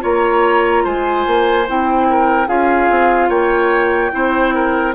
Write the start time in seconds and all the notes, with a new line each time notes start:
0.00 A#3 F4 C#5 A#5
0.83 G#3 C5 G#5
1.26 A#3
1.67 C4 E4 G5
2.09 A#4
2.47 C#4 F4 G#4 F5
2.89 C4
3.29 A#3 C#5 G5
4.11 C4 E4 C5
4.54 A#4